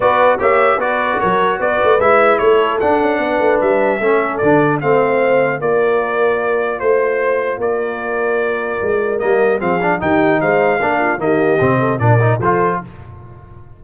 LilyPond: <<
  \new Staff \with { instrumentName = "trumpet" } { \time 4/4 \tempo 4 = 150 d''4 e''4 d''4 cis''4 | d''4 e''4 cis''4 fis''4~ | fis''4 e''2 d''4 | f''2 d''2~ |
d''4 c''2 d''4~ | d''2. dis''4 | f''4 g''4 f''2 | dis''2 d''4 c''4 | }
  \new Staff \with { instrumentName = "horn" } { \time 4/4 b'4 cis''4 b'4 ais'4 | b'2 a'2 | b'2 a'2 | c''2 ais'2~ |
ais'4 c''2 ais'4~ | ais'1 | gis'4 g'4 c''4 ais'8 f'8 | g'4. a'8 ais'4 a'4 | }
  \new Staff \with { instrumentName = "trombone" } { \time 4/4 fis'4 g'4 fis'2~ | fis'4 e'2 d'4~ | d'2 cis'4 d'4 | c'2 f'2~ |
f'1~ | f'2. ais4 | c'8 d'8 dis'2 d'4 | ais4 c'4 d'8 dis'8 f'4 | }
  \new Staff \with { instrumentName = "tuba" } { \time 4/4 b4 ais4 b4 fis4 | b8 a8 gis4 a4 d'8 cis'8 | b8 a8 g4 a4 d4 | a2 ais2~ |
ais4 a2 ais4~ | ais2 gis4 g4 | f4 dis4 gis4 ais4 | dis4 c4 ais,4 f4 | }
>>